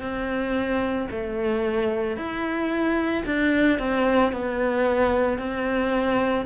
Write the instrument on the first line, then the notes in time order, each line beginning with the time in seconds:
cello
0.00 C4
1.10 A3
2.16 E4
3.25 D4
3.78 C4
4.32 B3
5.38 C4